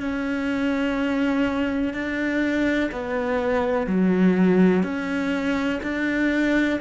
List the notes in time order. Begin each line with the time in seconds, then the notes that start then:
0.00 C#4
1.94 D4
2.92 B3
3.87 F#3
4.83 C#4
5.83 D4